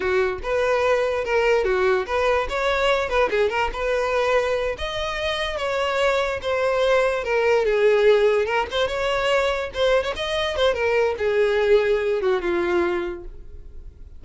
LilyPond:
\new Staff \with { instrumentName = "violin" } { \time 4/4 \tempo 4 = 145 fis'4 b'2 ais'4 | fis'4 b'4 cis''4. b'8 | gis'8 ais'8 b'2~ b'8 dis''8~ | dis''4. cis''2 c''8~ |
c''4. ais'4 gis'4.~ | gis'8 ais'8 c''8 cis''2 c''8~ | c''16 cis''16 dis''4 c''8 ais'4 gis'4~ | gis'4. fis'8 f'2 | }